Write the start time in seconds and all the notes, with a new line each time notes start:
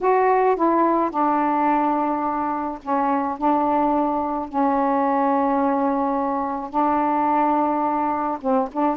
0.00 F#4
0.56 E4
1.10 D4
2.82 C#4
3.38 D4
4.48 C#4
6.70 D4
8.41 C4
8.72 D4